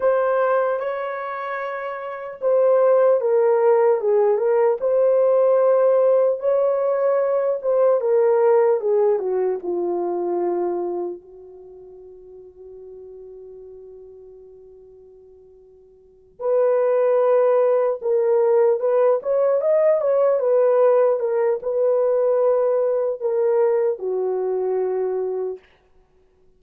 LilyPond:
\new Staff \with { instrumentName = "horn" } { \time 4/4 \tempo 4 = 75 c''4 cis''2 c''4 | ais'4 gis'8 ais'8 c''2 | cis''4. c''8 ais'4 gis'8 fis'8 | f'2 fis'2~ |
fis'1~ | fis'8 b'2 ais'4 b'8 | cis''8 dis''8 cis''8 b'4 ais'8 b'4~ | b'4 ais'4 fis'2 | }